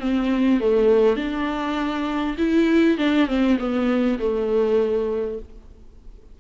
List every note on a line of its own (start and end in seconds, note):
0.00 0.60 C4
0.60 1.16 A3
1.16 2.36 D4
2.38 2.98 E4
2.98 3.28 D4
3.28 3.58 C4
3.59 4.19 B3
4.19 5.39 A3